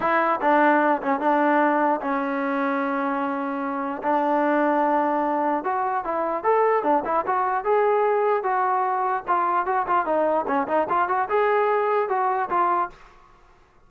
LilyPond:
\new Staff \with { instrumentName = "trombone" } { \time 4/4 \tempo 4 = 149 e'4 d'4. cis'8 d'4~ | d'4 cis'2.~ | cis'2 d'2~ | d'2 fis'4 e'4 |
a'4 d'8 e'8 fis'4 gis'4~ | gis'4 fis'2 f'4 | fis'8 f'8 dis'4 cis'8 dis'8 f'8 fis'8 | gis'2 fis'4 f'4 | }